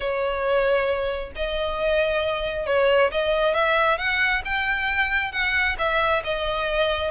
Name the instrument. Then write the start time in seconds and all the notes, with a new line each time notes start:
violin
0.00 C#5
1.35 D#5
2.66 C#5
3.11 D#5
3.54 E5
3.98 F#5
4.44 G5
5.32 F#5
5.78 E5
6.23 D#5